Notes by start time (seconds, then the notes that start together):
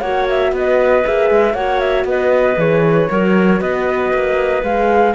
0.00 A#3 F#4 C#5 F#5
0.29 E5
0.52 B3 B4 D#5
1.05 A#3 G#4 E5
1.30 G#3
1.54 A#3 F#4 C#5 F#5
1.79 E5
2.04 B3 B4 D#5
2.57 E3 G#4 C#5
3.10 F#3 F#4 A#4
3.60 B3 B4 D#5
4.14 A#3
4.63 G#3 G#4 F5